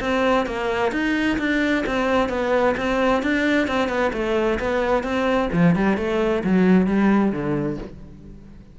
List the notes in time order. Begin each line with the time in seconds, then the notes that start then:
0.00 C4
0.46 A#3
0.92 D#4
1.38 D4
1.86 C4
2.29 B3
2.77 C4
3.22 D4
3.67 C4
3.88 B3
4.13 A3
4.59 B3
5.03 C4
5.52 F3
5.75 G3
5.97 A3
6.44 F#3
6.87 G3
7.32 D3